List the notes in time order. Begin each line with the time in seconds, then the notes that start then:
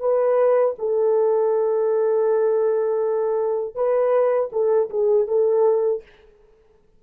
0.00 B4
0.79 A4
3.75 B4
4.52 A4
4.90 G#4
5.27 A4